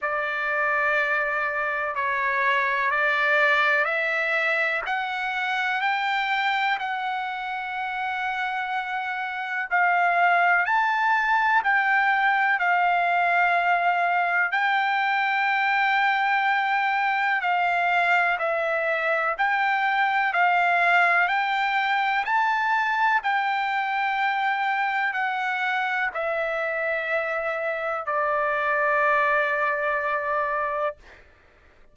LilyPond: \new Staff \with { instrumentName = "trumpet" } { \time 4/4 \tempo 4 = 62 d''2 cis''4 d''4 | e''4 fis''4 g''4 fis''4~ | fis''2 f''4 a''4 | g''4 f''2 g''4~ |
g''2 f''4 e''4 | g''4 f''4 g''4 a''4 | g''2 fis''4 e''4~ | e''4 d''2. | }